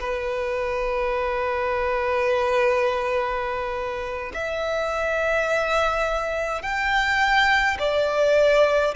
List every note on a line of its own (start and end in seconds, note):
0.00 4.33 B4
4.34 6.62 E5
6.62 7.78 G5
7.79 8.95 D5